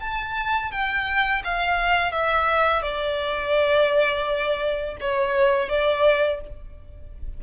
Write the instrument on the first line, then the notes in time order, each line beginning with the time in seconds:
violin
0.00 A5
0.71 G5
1.44 F5
2.12 E5
2.82 D5
5.01 C#5
5.69 D5